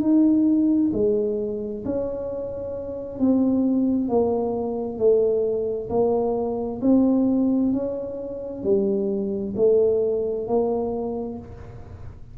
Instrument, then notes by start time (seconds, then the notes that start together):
tuba
0.00 D#4
0.93 G#3
1.85 C#4
3.19 C4
4.09 A#3
4.98 A3
5.89 A#3
6.81 C4
7.72 C#4
8.63 G3
9.56 A3
10.47 A#3